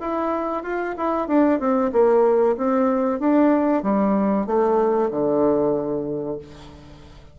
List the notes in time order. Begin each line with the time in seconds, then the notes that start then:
0.00 E4
0.63 F4
0.97 E4
1.28 D4
1.59 C4
1.92 A#3
2.57 C4
3.19 D4
3.83 G3
4.46 A3
5.11 D3